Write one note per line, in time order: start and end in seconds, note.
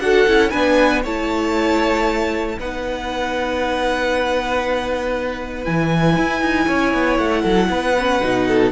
0.00 0.26 D4
0.00 0.27 F#4
0.00 0.50 A4
0.00 0.50 F#5
0.28 0.53 C#4
0.28 0.52 E4
0.50 1.05 B3
0.50 1.03 D4
0.50 1.02 B4
0.50 1.01 G#5
1.02 2.59 A3
1.02 2.59 E4
1.02 2.56 C#5
1.02 2.60 A5
2.59 5.67 B3
2.59 5.65 D#4
2.59 6.67 B4
2.59 5.64 F#5
5.64 6.17 E3
5.64 7.96 E4
5.64 7.18 G#5
6.17 6.41 E4
6.41 6.67 D#4
6.67 6.94 C#4
6.67 7.42 C#5
6.94 7.18 B3
7.18 7.44 A3
7.18 8.72 F#5
7.42 7.69 F#3
7.42 7.68 A4
7.69 8.21 B3
7.69 8.47 B4
7.98 8.22 C#4
8.22 8.72 B2
8.22 8.72 D#4
8.47 8.72 A4